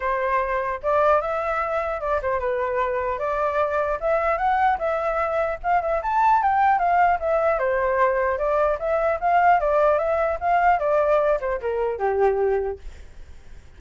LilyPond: \new Staff \with { instrumentName = "flute" } { \time 4/4 \tempo 4 = 150 c''2 d''4 e''4~ | e''4 d''8 c''8 b'2 | d''2 e''4 fis''4 | e''2 f''8 e''8 a''4 |
g''4 f''4 e''4 c''4~ | c''4 d''4 e''4 f''4 | d''4 e''4 f''4 d''4~ | d''8 c''8 ais'4 g'2 | }